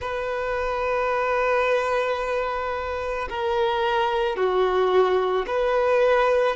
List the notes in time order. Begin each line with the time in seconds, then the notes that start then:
0.00 B4
3.29 A#4
4.36 F#4
5.46 B4